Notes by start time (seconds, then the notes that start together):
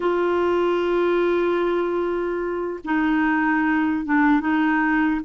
0.00 F4
2.84 D#4
4.05 D4
4.40 D#4